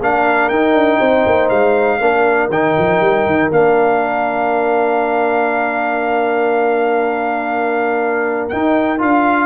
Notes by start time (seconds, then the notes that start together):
0.00 A#3 D4 A#4 F5
0.49 D#4 G5
0.74 D4
0.99 C4 C5
1.26 A#3
1.49 G#3 F5
2.00 A#3 D4 A#4
2.49 D#3 D#4 G5
2.78 F3
3.00 G3
3.26 D#3
3.51 A#3 D4 F5
8.49 D#4 G5
8.98 D4 F4 F5